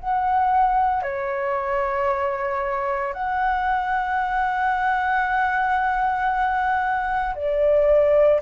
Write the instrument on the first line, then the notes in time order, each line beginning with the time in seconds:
flute
0.00 F#5
1.03 C#5
3.14 F#5
7.36 D5